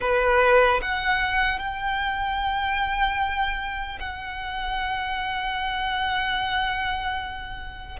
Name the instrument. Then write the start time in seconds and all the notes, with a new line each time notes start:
violin
0.00 B4
0.81 F#5
1.58 G5
3.99 F#5